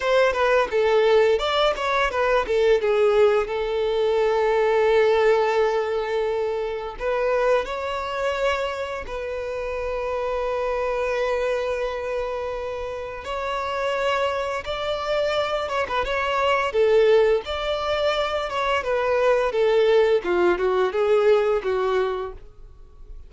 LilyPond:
\new Staff \with { instrumentName = "violin" } { \time 4/4 \tempo 4 = 86 c''8 b'8 a'4 d''8 cis''8 b'8 a'8 | gis'4 a'2.~ | a'2 b'4 cis''4~ | cis''4 b'2.~ |
b'2. cis''4~ | cis''4 d''4. cis''16 b'16 cis''4 | a'4 d''4. cis''8 b'4 | a'4 f'8 fis'8 gis'4 fis'4 | }